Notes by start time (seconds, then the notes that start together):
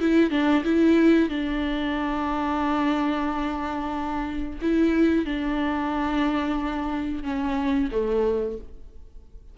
0.00 E4
0.31 D4
0.65 E4
1.29 D4
4.62 E4
5.26 D4
7.23 C#4
7.92 A3